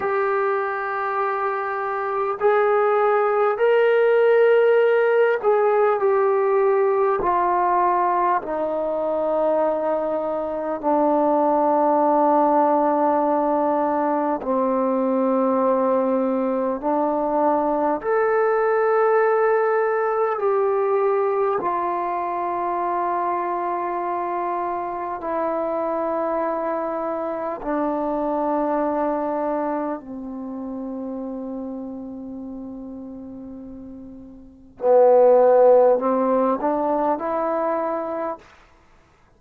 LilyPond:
\new Staff \with { instrumentName = "trombone" } { \time 4/4 \tempo 4 = 50 g'2 gis'4 ais'4~ | ais'8 gis'8 g'4 f'4 dis'4~ | dis'4 d'2. | c'2 d'4 a'4~ |
a'4 g'4 f'2~ | f'4 e'2 d'4~ | d'4 c'2.~ | c'4 b4 c'8 d'8 e'4 | }